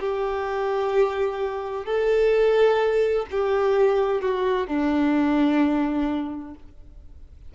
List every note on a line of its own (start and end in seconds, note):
0.00 1.85 G4
1.85 3.26 A4
3.31 4.21 G4
4.21 4.67 F#4
4.67 6.55 D4